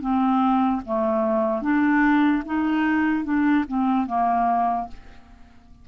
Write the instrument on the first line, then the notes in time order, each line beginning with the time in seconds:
clarinet
0.00 C4
0.84 A3
1.61 D4
2.45 D#4
3.24 D4
3.67 C4
4.06 A#3